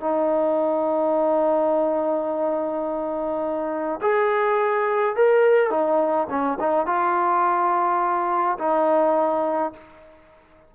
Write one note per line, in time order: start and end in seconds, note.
0.00 4.00 D#4
4.01 5.16 G#4
5.16 5.70 A#4
5.70 6.27 D#4
6.30 6.58 C#4
6.59 6.86 D#4
6.86 8.57 F4
8.58 9.73 D#4